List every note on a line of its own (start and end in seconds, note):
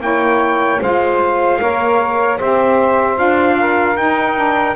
0.00 0.80 A#3
0.00 0.79 E4
0.00 0.82 C#5
0.00 0.82 G5
0.81 1.60 G#3
0.81 1.61 F4
0.81 1.61 C5
0.81 2.41 F5
1.61 2.41 A#3
1.61 2.40 A#4
1.61 2.39 C#5
2.39 3.19 C4
2.39 3.16 G4
2.39 3.57 C5
2.39 3.18 E5
3.16 3.97 D4
3.16 3.95 F4
3.16 3.97 F5
3.60 4.76 A#4
3.97 4.76 D#4
3.97 4.36 D#4
3.97 4.76 G5
4.36 4.75 D4